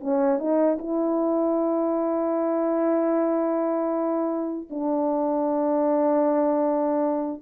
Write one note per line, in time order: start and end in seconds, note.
0.00 0.39 C#4
0.39 0.78 D#4
0.79 4.69 E4
4.70 7.42 D4